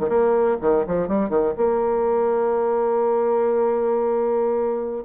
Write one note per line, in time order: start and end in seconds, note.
0.00 0.09 D#3
0.09 0.57 A#3
0.62 0.86 D#3
0.87 1.08 F3
1.08 1.30 G3
1.30 1.54 D#3
1.58 5.05 A#3